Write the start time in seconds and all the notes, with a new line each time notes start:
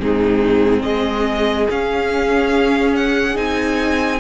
0.00 G#2 C4 D#4 G#4
0.83 G#3 G#4 D#5
1.69 C#4 F5
2.96 F#5
3.35 C4 D#4 G#5